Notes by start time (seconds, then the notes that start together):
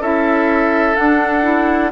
0.00 C#4 E4 A4 E5
0.95 D4 F#5
1.42 E4